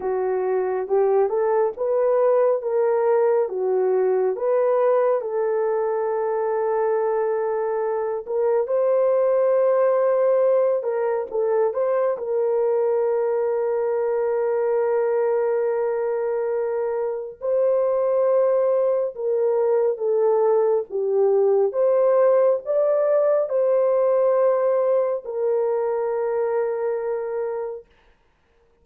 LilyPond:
\new Staff \with { instrumentName = "horn" } { \time 4/4 \tempo 4 = 69 fis'4 g'8 a'8 b'4 ais'4 | fis'4 b'4 a'2~ | a'4. ais'8 c''2~ | c''8 ais'8 a'8 c''8 ais'2~ |
ais'1 | c''2 ais'4 a'4 | g'4 c''4 d''4 c''4~ | c''4 ais'2. | }